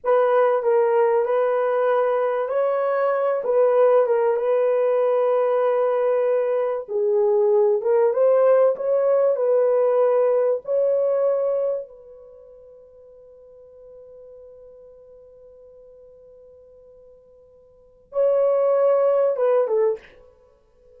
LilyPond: \new Staff \with { instrumentName = "horn" } { \time 4/4 \tempo 4 = 96 b'4 ais'4 b'2 | cis''4. b'4 ais'8 b'4~ | b'2. gis'4~ | gis'8 ais'8 c''4 cis''4 b'4~ |
b'4 cis''2 b'4~ | b'1~ | b'1~ | b'4 cis''2 b'8 a'8 | }